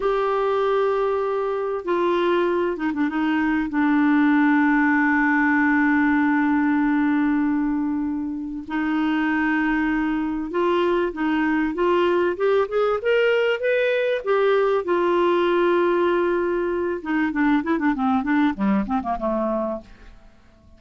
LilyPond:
\new Staff \with { instrumentName = "clarinet" } { \time 4/4 \tempo 4 = 97 g'2. f'4~ | f'8 dis'16 d'16 dis'4 d'2~ | d'1~ | d'2 dis'2~ |
dis'4 f'4 dis'4 f'4 | g'8 gis'8 ais'4 b'4 g'4 | f'2.~ f'8 dis'8 | d'8 e'16 d'16 c'8 d'8 g8 c'16 ais16 a4 | }